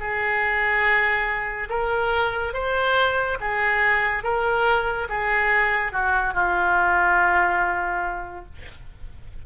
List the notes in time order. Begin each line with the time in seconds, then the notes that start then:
0.00 G#4
1.70 A#4
2.54 C5
3.41 G#4
4.23 A#4
5.09 G#4
5.92 F#4
6.34 F4